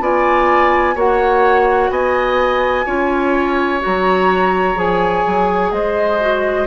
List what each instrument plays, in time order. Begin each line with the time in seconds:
0.00 bassoon B3, clarinet F4, oboe D5, flute G#5
0.95 bassoon A#3, clarinet F#4, oboe C#5, flute F#5
1.90 bassoon B3, oboe D#5, flute G#5
2.86 bassoon C#4, clarinet F4, oboe C#5
3.80 clarinet F#4, flute A#5
3.86 bassoon F#3
4.75 bassoon F3, clarinet G#4, flute G#5
5.26 bassoon F#3
5.71 bassoon G#3, oboe C5, flute D#5
6.20 clarinet F#4